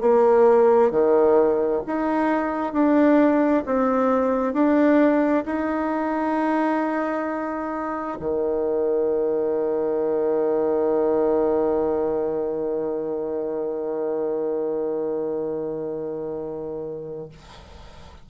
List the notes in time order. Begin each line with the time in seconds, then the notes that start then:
0.00 A#3
0.90 D#3
1.86 D#4
2.73 D4
3.65 C4
4.53 D4
5.45 D#4
8.19 D#3